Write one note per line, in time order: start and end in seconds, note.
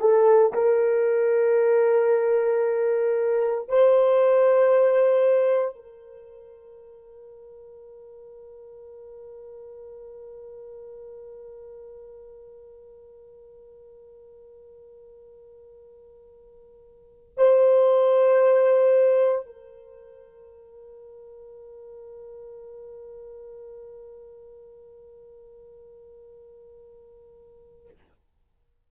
0.00 0.53 A4
0.53 3.68 A#4
3.68 5.75 C5
5.75 17.33 A#4
17.37 19.45 C5
19.45 27.88 A#4